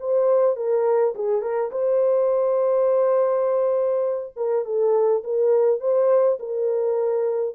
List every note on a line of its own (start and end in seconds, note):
0.00 0.56 C5
0.56 1.15 A#4
1.15 1.42 G#4
1.42 1.71 A#4
1.72 4.34 C5
4.36 4.65 A#4
4.65 5.23 A4
5.24 5.80 A#4
5.80 6.39 C5
6.39 7.55 A#4